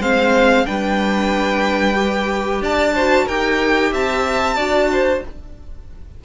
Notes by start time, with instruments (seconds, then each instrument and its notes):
0.00 cello G#3, viola C4, violin C5 F5
0.65 cello G3, viola D4, violin B4 G5
1.94 viola G4
2.61 cello D4, violin D5 A5
2.95 viola F#4, violin C5
3.25 cello D#4, viola G4, violin A#4 G5
3.92 cello C4, violin E5 A5
4.56 cello D4, viola F#4, violin D5
4.92 violin C5